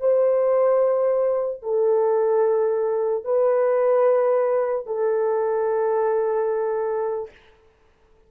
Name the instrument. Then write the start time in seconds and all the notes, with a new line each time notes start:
horn
0.00 C5
1.63 A4
3.24 B4
4.86 A4